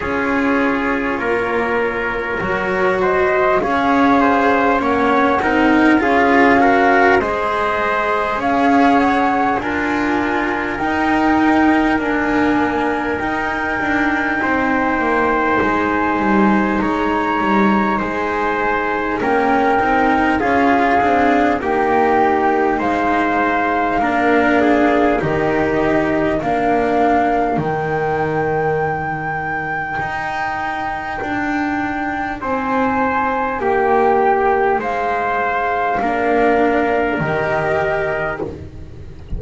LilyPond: <<
  \new Staff \with { instrumentName = "flute" } { \time 4/4 \tempo 4 = 50 cis''2~ cis''8 dis''8 f''4 | fis''4 f''4 dis''4 f''8 fis''8 | gis''4 g''4 gis''4 g''4~ | g''4 gis''4 ais''4 gis''4 |
g''4 f''4 g''4 f''4~ | f''4 dis''4 f''4 g''4~ | g''2. gis''4 | g''4 f''2 dis''4 | }
  \new Staff \with { instrumentName = "trumpet" } { \time 4/4 gis'4 ais'4. c''8 cis''8 c''8 | cis''8 ais'8 gis'8 ais'8 c''4 cis''4 | ais'1 | c''2 cis''4 c''4 |
ais'4 gis'4 g'4 c''4 | ais'8 gis'8 g'4 ais'2~ | ais'2. c''4 | g'4 c''4 ais'2 | }
  \new Staff \with { instrumentName = "cello" } { \time 4/4 f'2 fis'4 gis'4 | cis'8 dis'8 f'8 fis'8 gis'2 | f'4 dis'4 ais4 dis'4~ | dis'1 |
cis'8 dis'8 f'8 d'8 dis'2 | d'4 dis'4 d'4 dis'4~ | dis'1~ | dis'2 d'4 g'4 | }
  \new Staff \with { instrumentName = "double bass" } { \time 4/4 cis'4 ais4 fis4 cis'4 | ais8 c'8 cis'4 gis4 cis'4 | d'4 dis'4 d'4 dis'8 d'8 | c'8 ais8 gis8 g8 gis8 g8 gis4 |
ais8 c'8 cis'8 c'8 ais4 gis4 | ais4 dis4 ais4 dis4~ | dis4 dis'4 d'4 c'4 | ais4 gis4 ais4 dis4 | }
>>